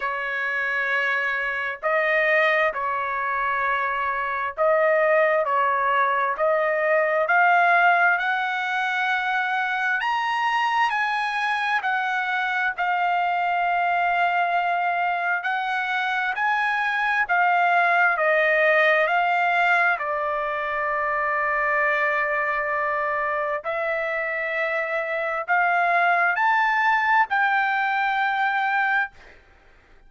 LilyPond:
\new Staff \with { instrumentName = "trumpet" } { \time 4/4 \tempo 4 = 66 cis''2 dis''4 cis''4~ | cis''4 dis''4 cis''4 dis''4 | f''4 fis''2 ais''4 | gis''4 fis''4 f''2~ |
f''4 fis''4 gis''4 f''4 | dis''4 f''4 d''2~ | d''2 e''2 | f''4 a''4 g''2 | }